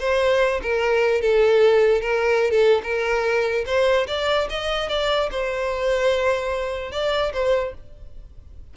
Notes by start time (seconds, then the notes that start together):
0.00 C5
0.63 A#4
1.22 A4
2.02 A#4
2.51 A4
2.84 A#4
3.66 C5
4.08 D5
4.50 D#5
4.89 D5
5.32 C5
6.92 D5
7.34 C5